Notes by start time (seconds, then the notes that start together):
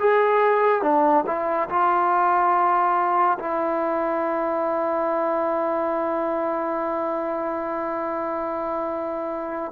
0.00 G#4
0.82 D4
1.27 E4
1.69 F4
3.39 E4